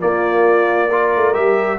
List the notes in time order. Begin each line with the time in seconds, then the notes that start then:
0.00 A#3 F4 D5
0.88 F4 A#4
1.16 A3
1.34 G3 G4 E5